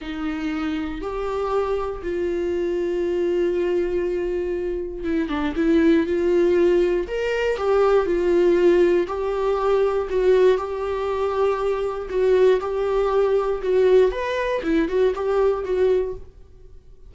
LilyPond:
\new Staff \with { instrumentName = "viola" } { \time 4/4 \tempo 4 = 119 dis'2 g'2 | f'1~ | f'2 e'8 d'8 e'4 | f'2 ais'4 g'4 |
f'2 g'2 | fis'4 g'2. | fis'4 g'2 fis'4 | b'4 e'8 fis'8 g'4 fis'4 | }